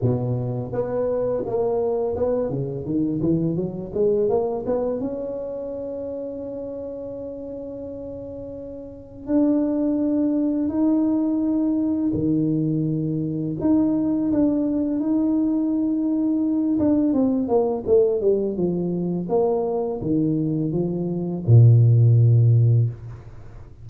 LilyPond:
\new Staff \with { instrumentName = "tuba" } { \time 4/4 \tempo 4 = 84 b,4 b4 ais4 b8 cis8 | dis8 e8 fis8 gis8 ais8 b8 cis'4~ | cis'1~ | cis'4 d'2 dis'4~ |
dis'4 dis2 dis'4 | d'4 dis'2~ dis'8 d'8 | c'8 ais8 a8 g8 f4 ais4 | dis4 f4 ais,2 | }